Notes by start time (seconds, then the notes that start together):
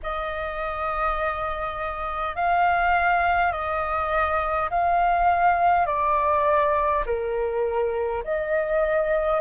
0.02 D#5
2.35 F5
3.52 D#5
4.70 F5
5.86 D5
7.06 A#4
8.24 D#5